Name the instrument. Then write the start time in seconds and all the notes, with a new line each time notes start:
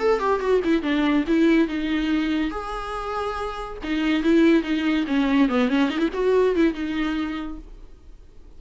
viola
0.00 A4
0.20 G4
0.40 F#4
0.65 E4
0.83 D4
1.28 E4
1.68 D#4
2.51 G#4
3.84 D#4
4.23 E4
4.63 D#4
5.07 C#4
5.49 B3
5.69 C#4
5.90 D#4
5.99 E4
6.14 F#4
6.56 E4
6.74 D#4